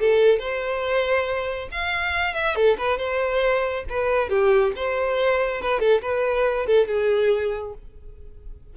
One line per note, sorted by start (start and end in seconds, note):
0.00 0.39 A4
0.39 1.69 C5
1.72 2.34 F5
2.34 2.56 E5
2.56 2.77 A4
2.78 2.98 B4
2.98 3.85 C5
3.90 4.30 B4
4.30 4.73 G4
4.76 5.62 C5
5.62 5.80 B4
5.80 6.02 A4
6.02 6.67 B4
6.67 6.88 A4
6.88 7.74 G#4